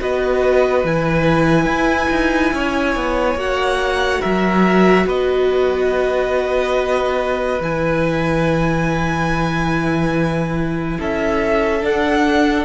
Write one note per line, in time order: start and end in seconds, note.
0.00 0.84 B3
0.00 0.84 F#4
0.00 2.54 B4
0.00 0.86 D#5
0.84 1.65 E3
0.84 3.38 E4
0.84 3.39 G#5
1.65 2.08 E4
2.10 2.52 D#4
2.53 2.95 C#4
2.53 4.21 C#5
2.95 3.35 B3
3.35 4.19 A#3
3.35 7.60 F#4
3.35 4.21 F#5
4.21 5.06 F#3
4.21 5.05 A#4
4.21 5.06 E5
5.06 7.59 B3
5.06 10.98 B4
5.06 7.62 D#5
7.60 10.98 E3
7.60 11.81 E4
7.60 11.01 G#5
10.99 11.83 C#4
10.99 12.65 A4
10.99 11.85 E5
11.81 12.65 D4
11.81 12.65 F#5